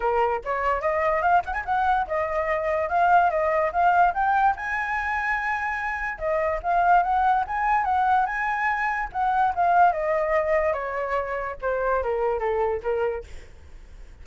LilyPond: \new Staff \with { instrumentName = "flute" } { \time 4/4 \tempo 4 = 145 ais'4 cis''4 dis''4 f''8 fis''16 gis''16 | fis''4 dis''2 f''4 | dis''4 f''4 g''4 gis''4~ | gis''2. dis''4 |
f''4 fis''4 gis''4 fis''4 | gis''2 fis''4 f''4 | dis''2 cis''2 | c''4 ais'4 a'4 ais'4 | }